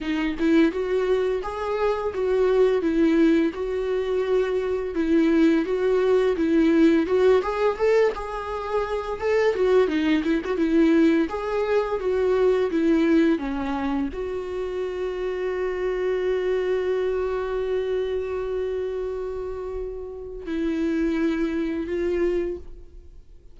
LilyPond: \new Staff \with { instrumentName = "viola" } { \time 4/4 \tempo 4 = 85 dis'8 e'8 fis'4 gis'4 fis'4 | e'4 fis'2 e'4 | fis'4 e'4 fis'8 gis'8 a'8 gis'8~ | gis'4 a'8 fis'8 dis'8 e'16 fis'16 e'4 |
gis'4 fis'4 e'4 cis'4 | fis'1~ | fis'1~ | fis'4 e'2 f'4 | }